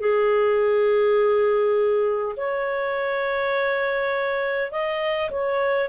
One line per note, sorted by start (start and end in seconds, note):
0.00 2.35 G#4
2.36 4.71 C#5
4.71 5.30 D#5
5.30 5.89 C#5